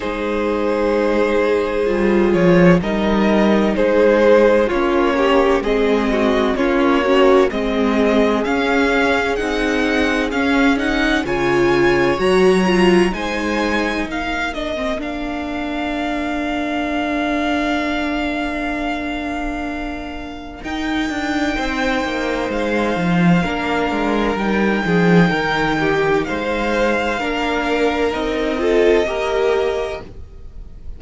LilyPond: <<
  \new Staff \with { instrumentName = "violin" } { \time 4/4 \tempo 4 = 64 c''2~ c''8 cis''8 dis''4 | c''4 cis''4 dis''4 cis''4 | dis''4 f''4 fis''4 f''8 fis''8 | gis''4 ais''4 gis''4 f''8 dis''8 |
f''1~ | f''2 g''2 | f''2 g''2 | f''2 dis''2 | }
  \new Staff \with { instrumentName = "violin" } { \time 4/4 gis'2. ais'4 | gis'4 f'8 g'8 gis'8 fis'8 f'8 cis'8 | gis'1 | cis''2 c''4 ais'4~ |
ais'1~ | ais'2. c''4~ | c''4 ais'4. gis'8 ais'8 g'8 | c''4 ais'4. a'8 ais'4 | }
  \new Staff \with { instrumentName = "viola" } { \time 4/4 dis'2 f'4 dis'4~ | dis'4 cis'4 c'4 cis'8 fis'8 | c'4 cis'4 dis'4 cis'8 dis'8 | f'4 fis'8 f'8 dis'4. d'16 c'16 |
d'1~ | d'2 dis'2~ | dis'4 d'4 dis'2~ | dis'4 d'4 dis'8 f'8 g'4 | }
  \new Staff \with { instrumentName = "cello" } { \time 4/4 gis2 g8 f8 g4 | gis4 ais4 gis4 ais4 | gis4 cis'4 c'4 cis'4 | cis4 fis4 gis4 ais4~ |
ais1~ | ais2 dis'8 d'8 c'8 ais8 | gis8 f8 ais8 gis8 g8 f8 dis4 | gis4 ais4 c'4 ais4 | }
>>